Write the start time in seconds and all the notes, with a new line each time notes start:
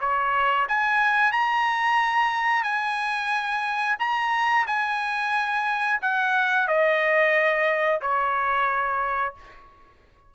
0.00 C#5
0.68 G#5
1.32 A#5
2.63 G#5
3.99 A#5
4.67 G#5
6.02 F#5
6.67 D#5
8.01 C#5